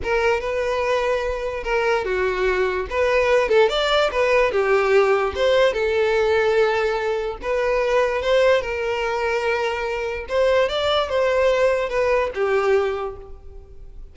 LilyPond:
\new Staff \with { instrumentName = "violin" } { \time 4/4 \tempo 4 = 146 ais'4 b'2. | ais'4 fis'2 b'4~ | b'8 a'8 d''4 b'4 g'4~ | g'4 c''4 a'2~ |
a'2 b'2 | c''4 ais'2.~ | ais'4 c''4 d''4 c''4~ | c''4 b'4 g'2 | }